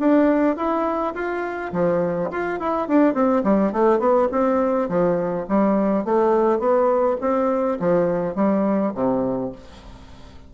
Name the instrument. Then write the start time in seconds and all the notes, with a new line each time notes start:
bassoon
0.00 D4
0.57 E4
1.15 F4
1.73 F3
2.31 F4
2.60 E4
2.88 D4
3.14 C4
3.44 G3
3.73 A3
3.99 B3
4.32 C4
4.89 F3
5.49 G3
6.05 A3
6.60 B3
7.21 C4
7.80 F3
8.35 G3
8.95 C3